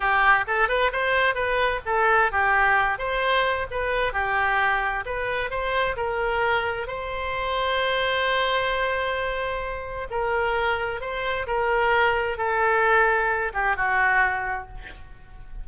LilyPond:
\new Staff \with { instrumentName = "oboe" } { \time 4/4 \tempo 4 = 131 g'4 a'8 b'8 c''4 b'4 | a'4 g'4. c''4. | b'4 g'2 b'4 | c''4 ais'2 c''4~ |
c''1~ | c''2 ais'2 | c''4 ais'2 a'4~ | a'4. g'8 fis'2 | }